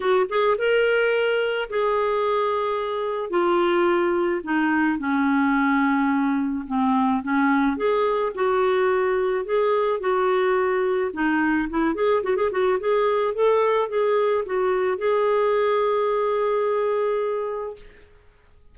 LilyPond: \new Staff \with { instrumentName = "clarinet" } { \time 4/4 \tempo 4 = 108 fis'8 gis'8 ais'2 gis'4~ | gis'2 f'2 | dis'4 cis'2. | c'4 cis'4 gis'4 fis'4~ |
fis'4 gis'4 fis'2 | dis'4 e'8 gis'8 fis'16 gis'16 fis'8 gis'4 | a'4 gis'4 fis'4 gis'4~ | gis'1 | }